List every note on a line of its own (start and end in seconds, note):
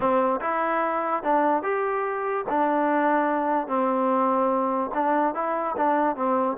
0.00 0.40 C4
0.41 1.23 E4
1.23 1.62 D4
1.62 2.45 G4
2.49 3.67 D4
3.67 4.91 C4
4.94 5.34 D4
5.34 5.75 E4
5.76 6.16 D4
6.16 6.57 C4